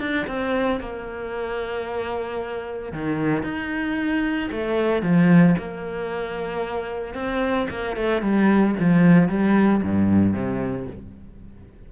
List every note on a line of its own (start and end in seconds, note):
0.00 0.27 D4
0.27 0.80 C4
0.80 2.93 A#3
2.93 3.43 D#3
3.43 4.50 D#4
4.51 5.02 A3
5.02 5.55 F3
5.58 7.14 A#3
7.14 7.67 C4
7.70 7.96 A#3
7.96 8.22 A3
8.22 8.75 G3
8.79 9.29 F3
9.29 9.82 G3
9.83 10.33 G2
10.33 10.87 C3